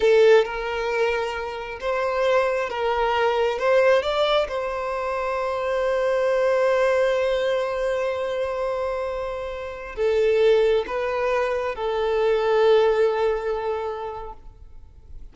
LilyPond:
\new Staff \with { instrumentName = "violin" } { \time 4/4 \tempo 4 = 134 a'4 ais'2. | c''2 ais'2 | c''4 d''4 c''2~ | c''1~ |
c''1~ | c''2~ c''16 a'4.~ a'16~ | a'16 b'2 a'4.~ a'16~ | a'1 | }